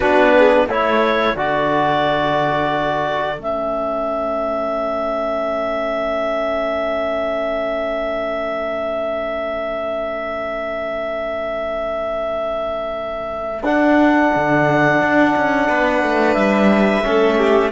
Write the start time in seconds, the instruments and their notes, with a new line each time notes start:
0.00 cello B3, trombone D4, violin F#4, clarinet B4
0.37 violin G#4
0.66 cello A3, trombone E4, violin A4, clarinet C#5
1.35 cello D3, trombone F#4, clarinet D5
3.37 cello A3, trombone C#4, clarinet E5
13.62 cello D4, trombone D4, clarinet F#5
14.34 cello D3
15.01 cello D4
15.36 cello C#4
15.68 cello B3, violin B4
16.02 cello A3
16.33 cello G3, clarinet E5
17.03 cello A3, trombone C#4, violin A4
17.37 violin G4